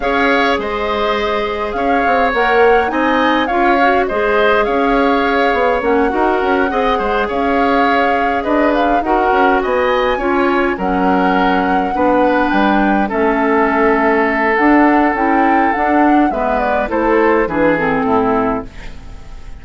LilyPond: <<
  \new Staff \with { instrumentName = "flute" } { \time 4/4 \tempo 4 = 103 f''4 dis''2 f''4 | fis''4 gis''4 f''4 dis''4 | f''2 fis''2~ | fis''8 f''2 dis''8 f''8 fis''8~ |
fis''8 gis''2 fis''4.~ | fis''4. g''4 e''4.~ | e''4 fis''4 g''4 fis''4 | e''8 d''8 c''4 b'8 a'4. | }
  \new Staff \with { instrumentName = "oboe" } { \time 4/4 cis''4 c''2 cis''4~ | cis''4 dis''4 cis''4 c''4 | cis''2~ cis''8 ais'4 dis''8 | c''8 cis''2 b'4 ais'8~ |
ais'8 dis''4 cis''4 ais'4.~ | ais'8 b'2 a'4.~ | a'1 | b'4 a'4 gis'4 e'4 | }
  \new Staff \with { instrumentName = "clarinet" } { \time 4/4 gis'1 | ais'4 dis'4 f'8 fis'8 gis'4~ | gis'2 cis'8 fis'4 gis'8~ | gis'2.~ gis'8 fis'8~ |
fis'4. f'4 cis'4.~ | cis'8 d'2 cis'4.~ | cis'4 d'4 e'4 d'4 | b4 e'4 d'8 c'4. | }
  \new Staff \with { instrumentName = "bassoon" } { \time 4/4 cis'4 gis2 cis'8 c'8 | ais4 c'4 cis'4 gis4 | cis'4. b8 ais8 dis'8 cis'8 c'8 | gis8 cis'2 d'4 dis'8 |
cis'8 b4 cis'4 fis4.~ | fis8 b4 g4 a4.~ | a4 d'4 cis'4 d'4 | gis4 a4 e4 a,4 | }
>>